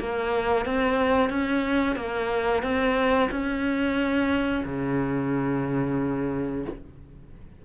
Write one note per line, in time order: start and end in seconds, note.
0.00 0.66 A#3
0.66 1.30 C4
1.30 1.96 C#4
1.96 2.63 A#3
2.63 3.30 C4
3.31 4.65 C#4
4.66 6.66 C#3